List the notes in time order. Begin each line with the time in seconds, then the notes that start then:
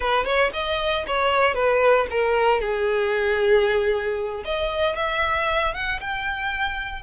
0.00 B4
0.24 C#5
0.53 D#5
1.07 C#5
1.54 B4
2.10 A#4
2.61 G#4
4.44 D#5
4.96 E5
5.74 F#5
6.00 G5